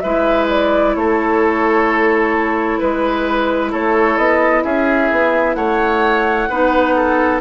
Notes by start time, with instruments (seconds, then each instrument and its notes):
0.00 bassoon G#3, clarinet E4, oboe B4, flute E5
0.49 flute D5
0.96 bassoon A3, oboe A4, flute C#5
2.79 bassoon G#3, flute B4, oboe B4
3.72 bassoon A3, oboe A4, flute C#5
4.18 bassoon B3, flute D#5
4.64 bassoon C#4, oboe G#4, flute E5
5.12 bassoon B3
5.55 bassoon A3, oboe C#5, flute F#5
6.49 bassoon B3, clarinet D#4, oboe B4
6.96 oboe A4